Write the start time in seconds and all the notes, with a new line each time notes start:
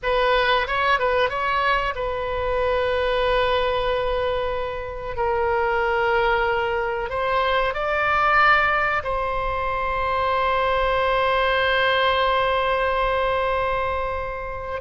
0.02 B4
0.67 C#5
0.99 B4
1.29 C#5
1.95 B4
5.16 A#4
7.09 C5
7.74 D5
9.03 C5